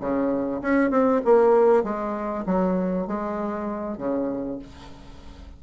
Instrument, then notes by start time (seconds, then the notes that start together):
bassoon
0.00 C#3
0.62 C#4
0.91 C4
1.25 A#3
1.84 G#3
2.46 F#3
3.07 G#3
3.98 C#3